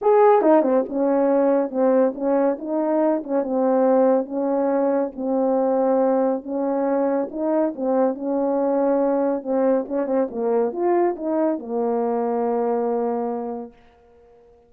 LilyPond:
\new Staff \with { instrumentName = "horn" } { \time 4/4 \tempo 4 = 140 gis'4 dis'8 c'8 cis'2 | c'4 cis'4 dis'4. cis'8 | c'2 cis'2 | c'2. cis'4~ |
cis'4 dis'4 c'4 cis'4~ | cis'2 c'4 cis'8 c'8 | ais4 f'4 dis'4 ais4~ | ais1 | }